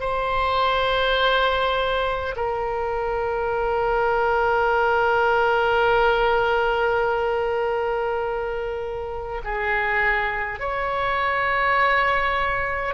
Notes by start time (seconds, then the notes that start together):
0.00 C5
2.36 A#4
9.44 G#4
10.59 C#5